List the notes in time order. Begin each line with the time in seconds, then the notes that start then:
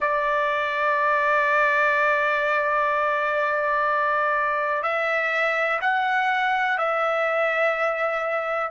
0.00 D5
4.83 E5
5.81 F#5
6.77 E5